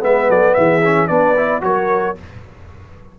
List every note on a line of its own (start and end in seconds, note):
0.00 0.29 G#3
0.00 0.81 B3
0.00 0.29 B4
0.00 0.30 E5
0.29 0.56 F#3
0.29 0.56 A4
0.29 0.54 D5
0.54 1.10 E3
0.54 1.08 G#4
0.54 1.08 E5
0.84 1.09 C#4
1.08 1.63 B3
1.08 1.36 D4
1.08 1.62 B4
1.08 1.62 D5
1.37 1.61 E4
1.61 2.17 F#3
1.61 2.15 F#4
1.61 2.19 A#4
1.61 2.17 C#5